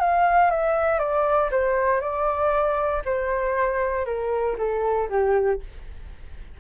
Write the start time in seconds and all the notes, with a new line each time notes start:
0.00 F5
0.51 E5
0.99 D5
1.51 C5
2.01 D5
3.06 C5
4.06 A#4
4.58 A4
5.10 G4